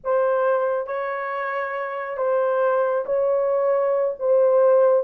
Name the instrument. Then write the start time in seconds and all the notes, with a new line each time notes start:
horn
0.04 C5
0.86 C#5
2.17 C5
3.05 C#5
4.19 C5